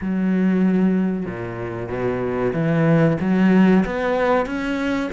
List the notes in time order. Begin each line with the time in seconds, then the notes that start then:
0.01 F#3
1.25 A#2
1.88 B2
2.53 E3
3.20 F#3
3.85 B3
4.46 C#4